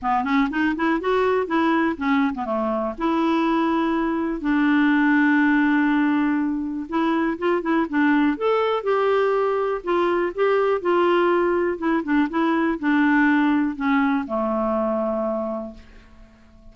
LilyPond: \new Staff \with { instrumentName = "clarinet" } { \time 4/4 \tempo 4 = 122 b8 cis'8 dis'8 e'8 fis'4 e'4 | cis'8. b16 a4 e'2~ | e'4 d'2.~ | d'2 e'4 f'8 e'8 |
d'4 a'4 g'2 | f'4 g'4 f'2 | e'8 d'8 e'4 d'2 | cis'4 a2. | }